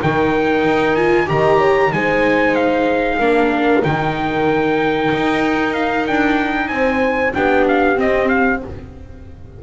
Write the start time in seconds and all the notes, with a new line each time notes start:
0.00 D#3 D#4 A#4 G5
0.65 D#4
0.96 F4 G#5
1.27 D#3 G4 D#5 A#5
1.59 C#5
1.93 G#3 D#4 C5 G#5
2.55 F5
3.19 A#3 D4 A#4
3.83 D#3 D#4 G5
5.14 D#4
5.74 F5
6.08 D4 G5
6.68 C4 C5 G#5
7.34 B3 D4 G4 G5
7.68 F5
7.96 C4 D#5
8.29 F5